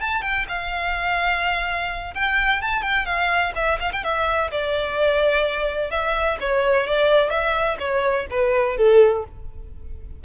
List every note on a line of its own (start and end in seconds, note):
0.00 0.21 A5
0.21 0.45 G5
0.48 2.14 F5
2.14 2.61 G5
2.61 2.82 A5
2.82 3.05 G5
3.05 3.52 F5
3.55 3.78 E5
3.80 3.91 F5
3.92 4.04 G5
4.04 4.51 E5
4.51 5.91 D5
5.91 6.38 E5
6.40 6.87 C#5
6.87 7.30 D5
7.30 7.77 E5
7.79 8.26 C#5
8.30 8.77 B4
8.77 9.24 A4